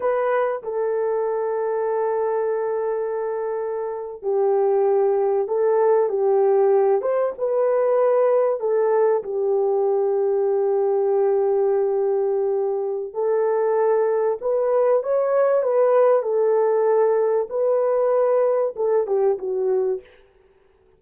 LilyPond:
\new Staff \with { instrumentName = "horn" } { \time 4/4 \tempo 4 = 96 b'4 a'2.~ | a'2~ a'8. g'4~ g'16~ | g'8. a'4 g'4. c''8 b'16~ | b'4.~ b'16 a'4 g'4~ g'16~ |
g'1~ | g'4 a'2 b'4 | cis''4 b'4 a'2 | b'2 a'8 g'8 fis'4 | }